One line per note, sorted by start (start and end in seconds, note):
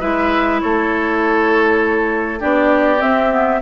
0.00 0.62 G#3
0.00 2.40 E4
0.00 0.60 B4
0.00 0.60 E5
0.61 2.43 A3
0.61 2.40 A4
0.61 2.41 C#5
2.40 3.02 B3
2.40 2.99 D4
2.40 3.60 G4
2.40 3.01 D5
2.99 3.29 C4
2.99 3.62 C4
2.99 3.61 E5
3.31 3.60 B3